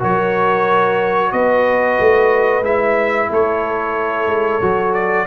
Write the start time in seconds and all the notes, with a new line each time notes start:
0.00 F#3 F#4 A#4 C#5
1.33 B3 B4 D#5
2.00 A3
2.62 G#3 E4 E5
3.30 A3 A4 C#5
4.27 G#3
4.62 F#3 F#4
4.94 D5